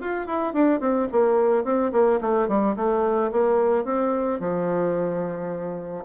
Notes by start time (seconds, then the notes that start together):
0.00 F4
0.26 E4
0.53 D4
0.80 C4
1.11 A#3
1.64 C4
1.92 A#3
2.21 A3
2.48 G3
2.76 A3
3.31 A#3
3.84 C4
4.39 F3